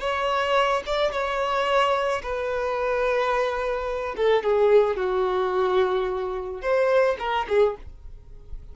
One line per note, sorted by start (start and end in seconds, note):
0.00 0.83 C#5
0.86 1.12 D5
1.12 2.22 C#5
2.22 4.15 B4
4.16 4.43 A4
4.43 4.96 G#4
4.96 6.62 F#4
6.62 7.17 C5
7.19 7.46 A#4
7.49 7.76 G#4